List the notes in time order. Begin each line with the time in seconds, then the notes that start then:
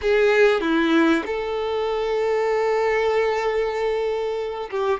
0.01 G#4
0.61 E4
1.26 A4
4.70 G4